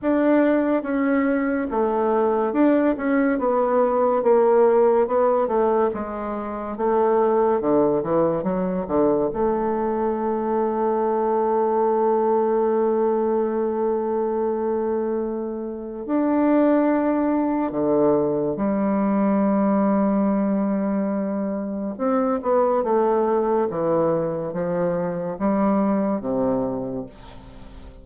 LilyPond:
\new Staff \with { instrumentName = "bassoon" } { \time 4/4 \tempo 4 = 71 d'4 cis'4 a4 d'8 cis'8 | b4 ais4 b8 a8 gis4 | a4 d8 e8 fis8 d8 a4~ | a1~ |
a2. d'4~ | d'4 d4 g2~ | g2 c'8 b8 a4 | e4 f4 g4 c4 | }